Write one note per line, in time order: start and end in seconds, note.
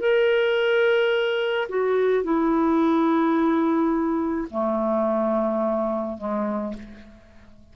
0.00 1.68 A#4
1.69 2.24 F#4
2.24 4.48 E4
4.50 6.18 A3
6.18 6.74 G#3